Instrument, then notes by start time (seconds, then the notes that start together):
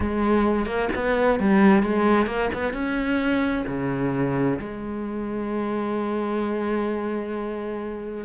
cello
0.00 G#3
0.66 A#3
0.95 B3
1.39 G3
1.82 G#3
2.26 A#3
2.53 B3
2.73 C#4
3.67 C#3
4.59 G#3